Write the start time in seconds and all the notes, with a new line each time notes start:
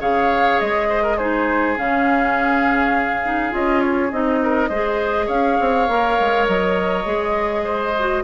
0.00 C#3 G#4 C#5 F5
0.59 G#3 D#5
0.89 C5
1.03 A#4
1.17 D#4 G#4 C5
1.76 C#3 C#4 F5
3.23 D#4
3.51 C#4 F4 D#5
3.81 C#5
4.11 C4 D#4 D#5
4.43 A#4
4.69 G#3 G#4 C5
5.26 C#4 C#5 F5
5.60 C4
5.88 A#3 A#4
6.19 G#3
6.47 F#3 D#5
7.05 G#3 G#4
7.64 C5
7.99 F#4